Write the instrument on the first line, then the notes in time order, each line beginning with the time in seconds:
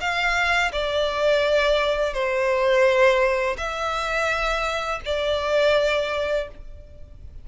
violin
0.00 F5
0.72 D5
2.13 C5
3.57 E5
5.05 D5